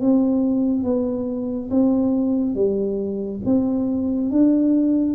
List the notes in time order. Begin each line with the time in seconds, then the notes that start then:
0.00 C4
0.83 B3
1.70 C4
2.54 G3
3.45 C4
4.31 D4